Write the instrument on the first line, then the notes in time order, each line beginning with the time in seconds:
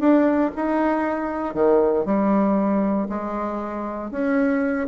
bassoon
0.00 D4
0.56 D#4
1.55 D#3
2.06 G3
3.09 G#3
4.11 C#4